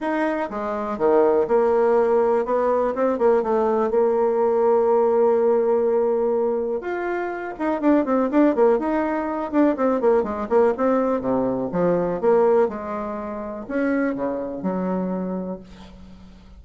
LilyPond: \new Staff \with { instrumentName = "bassoon" } { \time 4/4 \tempo 4 = 123 dis'4 gis4 dis4 ais4~ | ais4 b4 c'8 ais8 a4 | ais1~ | ais2 f'4. dis'8 |
d'8 c'8 d'8 ais8 dis'4. d'8 | c'8 ais8 gis8 ais8 c'4 c4 | f4 ais4 gis2 | cis'4 cis4 fis2 | }